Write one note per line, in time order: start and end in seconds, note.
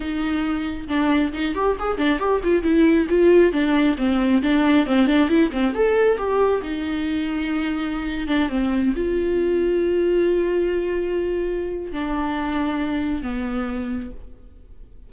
0.00 0.87 D#4
0.88 1.32 D4
1.32 1.54 D#4
1.54 1.76 G4
1.79 1.97 G#4
1.97 2.19 D4
2.19 2.41 G4
2.43 2.62 F4
2.62 3.07 E4
3.09 3.52 F4
3.52 3.96 D4
3.97 4.41 C4
4.42 4.86 D4
4.86 5.07 C4
5.07 5.28 D4
5.28 5.50 E4
5.51 5.73 C4
5.74 6.17 A4
6.17 6.61 G4
6.62 8.27 D#4
8.27 8.49 D4
8.49 8.93 C4
8.95 11.92 F4
11.92 13.22 D4
13.22 14.10 B3